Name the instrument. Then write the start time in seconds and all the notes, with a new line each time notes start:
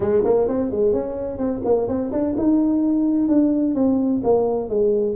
tuba
0.00 G#3
0.24 A#3
0.48 C4
0.71 G#3
0.92 C#4
1.37 C4
1.64 A#3
1.87 C4
2.12 D4
2.37 D#4
3.28 D4
3.74 C4
4.23 A#3
4.69 G#3